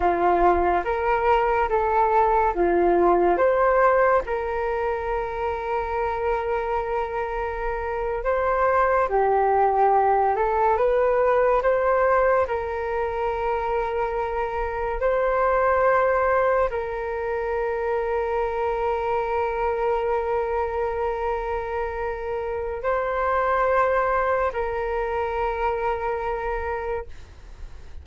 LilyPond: \new Staff \with { instrumentName = "flute" } { \time 4/4 \tempo 4 = 71 f'4 ais'4 a'4 f'4 | c''4 ais'2.~ | ais'4.~ ais'16 c''4 g'4~ g'16~ | g'16 a'8 b'4 c''4 ais'4~ ais'16~ |
ais'4.~ ais'16 c''2 ais'16~ | ais'1~ | ais'2. c''4~ | c''4 ais'2. | }